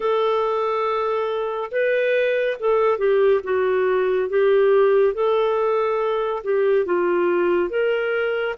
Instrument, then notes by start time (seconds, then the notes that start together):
clarinet
0.00 A4
1.71 B4
2.59 A4
2.98 G4
3.43 F#4
4.29 G4
5.14 A4
6.43 G4
6.85 F4
7.69 A#4